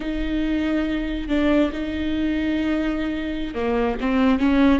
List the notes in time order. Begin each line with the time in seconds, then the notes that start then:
0.00 D#4
1.28 D4
1.72 D#4
3.54 A#3
4.00 C4
4.39 C#4